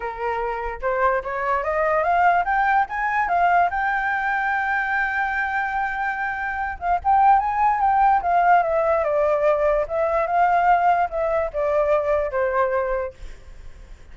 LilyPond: \new Staff \with { instrumentName = "flute" } { \time 4/4 \tempo 4 = 146 ais'2 c''4 cis''4 | dis''4 f''4 g''4 gis''4 | f''4 g''2.~ | g''1~ |
g''8 f''8 g''4 gis''4 g''4 | f''4 e''4 d''2 | e''4 f''2 e''4 | d''2 c''2 | }